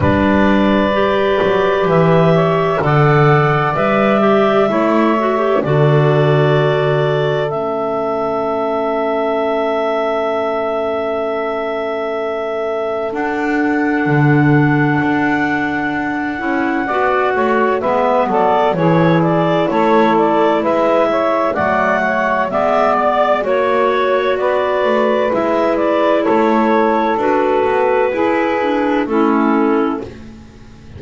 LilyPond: <<
  \new Staff \with { instrumentName = "clarinet" } { \time 4/4 \tempo 4 = 64 d''2 e''4 fis''4 | e''2 d''2 | e''1~ | e''2 fis''2~ |
fis''2. e''8 d''8 | cis''8 d''8 cis''8 d''8 e''4 fis''4 | e''8 d''8 cis''4 d''4 e''8 d''8 | cis''4 b'2 a'4 | }
  \new Staff \with { instrumentName = "saxophone" } { \time 4/4 b'2~ b'8 cis''8 d''4~ | d''4 cis''4 a'2~ | a'1~ | a'1~ |
a'2 d''8 cis''8 b'8 a'8 | gis'4 a'4 b'8 cis''8 d''8 cis''8 | d''4 cis''4 b'2 | a'2 gis'4 e'4 | }
  \new Staff \with { instrumentName = "clarinet" } { \time 4/4 d'4 g'2 a'4 | b'8 g'8 e'8 fis'16 g'16 fis'2 | cis'1~ | cis'2 d'2~ |
d'4. e'8 fis'4 b4 | e'2. a4 | b4 fis'2 e'4~ | e'4 fis'4 e'8 d'8 cis'4 | }
  \new Staff \with { instrumentName = "double bass" } { \time 4/4 g4. fis8 e4 d4 | g4 a4 d2 | a1~ | a2 d'4 d4 |
d'4. cis'8 b8 a8 gis8 fis8 | e4 a4 gis4 fis4 | gis4 ais4 b8 a8 gis4 | a4 d'8 b8 e'4 a4 | }
>>